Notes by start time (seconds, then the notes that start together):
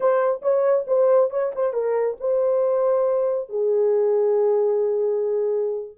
0.00 C5
0.42 C#5
0.87 C5
1.30 C#5
1.55 C5
1.73 A#4
2.20 C5
3.49 G#4